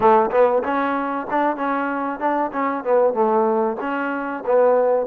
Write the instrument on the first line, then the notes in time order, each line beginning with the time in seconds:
trombone
0.00 A3
0.31 B3
0.63 C#4
1.30 D4
1.56 C#4
2.19 D4
2.52 C#4
2.84 B3
3.13 A3
3.80 C#4
4.46 B3